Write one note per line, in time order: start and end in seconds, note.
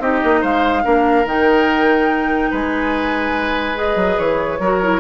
0.00 0.21 C4
0.00 0.83 D#4
0.00 0.41 G4
0.00 0.43 D#5
0.24 0.43 A#3
0.41 0.85 G#3
0.41 0.83 C5
0.41 1.27 F5
0.83 1.25 A#3
0.83 1.25 D4
0.83 2.51 A#4
1.25 2.50 D#3
1.25 3.75 D#4
1.25 2.54 G5
2.51 3.96 G#3
2.51 4.59 B4
2.51 3.78 G#5
3.75 4.58 G#4
3.75 4.19 D#5
3.96 4.17 F#3
4.19 4.60 E3
4.19 5.01 C#5
4.60 5.01 F#3
4.60 4.83 F#4
4.60 5.01 A#4
4.83 5.01 E4